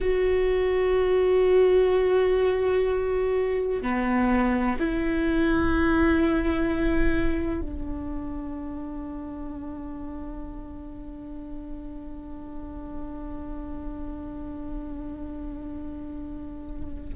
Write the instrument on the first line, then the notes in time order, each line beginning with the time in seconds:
viola
0.00 F#4
3.82 B3
4.79 E4
7.61 D4